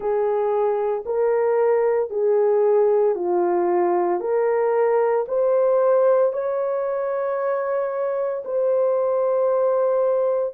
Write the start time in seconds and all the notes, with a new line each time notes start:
0.00 G#4
1.05 A#4
2.10 G#4
3.15 F4
4.20 A#4
5.27 C5
6.32 C#5
8.44 C5